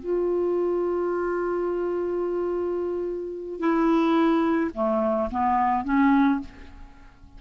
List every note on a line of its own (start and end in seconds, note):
0.00 3.60 F4
3.60 4.71 E4
4.74 5.30 A3
5.31 5.85 B3
5.85 6.40 C#4